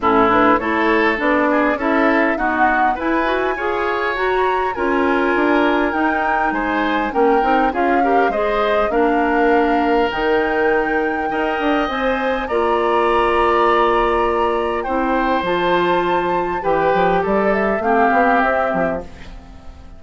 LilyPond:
<<
  \new Staff \with { instrumentName = "flute" } { \time 4/4 \tempo 4 = 101 a'8 b'8 cis''4 d''4 e''4 | fis''4 gis''2 ais''4 | gis''2 g''4 gis''4 | g''4 f''4 dis''4 f''4~ |
f''4 g''2. | gis''4 ais''2.~ | ais''4 g''4 a''2 | g''4 d''8 e''8 f''4 e''4 | }
  \new Staff \with { instrumentName = "oboe" } { \time 4/4 e'4 a'4. gis'8 a'4 | fis'4 b'4 cis''2 | ais'2. c''4 | ais'4 gis'8 ais'8 c''4 ais'4~ |
ais'2. dis''4~ | dis''4 d''2.~ | d''4 c''2. | b'4 a'4 g'2 | }
  \new Staff \with { instrumentName = "clarinet" } { \time 4/4 cis'8 d'8 e'4 d'4 e'4 | b4 e'8 fis'8 gis'4 fis'4 | f'2 dis'2 | cis'8 dis'8 f'8 g'8 gis'4 d'4~ |
d'4 dis'2 ais'4 | c''4 f'2.~ | f'4 e'4 f'2 | g'2 c'2 | }
  \new Staff \with { instrumentName = "bassoon" } { \time 4/4 a,4 a4 b4 cis'4 | dis'4 e'4 f'4 fis'4 | cis'4 d'4 dis'4 gis4 | ais8 c'8 cis'4 gis4 ais4~ |
ais4 dis2 dis'8 d'8 | c'4 ais2.~ | ais4 c'4 f2 | e8 f8 g4 a8 b8 c'8 f8 | }
>>